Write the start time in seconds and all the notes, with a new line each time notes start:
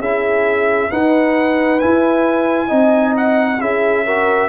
0.00 C#4 E4 G#4 E5
0.91 D#4 B4 F#5
1.80 E4 G#5
2.68 C4 D#4 D#5
3.17 F#5
3.61 C#4 E4 G#4 E5
4.06 F#4 A#4